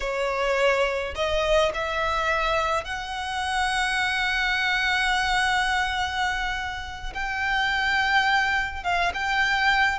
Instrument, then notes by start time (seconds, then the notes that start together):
violin
0.00 C#5
1.15 D#5
1.74 E5
2.84 F#5
7.14 G5
8.83 F5
9.14 G5